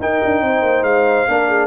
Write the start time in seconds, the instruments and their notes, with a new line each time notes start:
0.00 tuba D#4, trombone D#4, horn A#4, trumpet G5
0.25 tuba D4
0.42 tuba C4, horn C5
0.62 tuba A#3
0.83 tuba G#3, trumpet F5
1.28 tuba A#3, trombone D4, horn A#4
1.49 horn G#4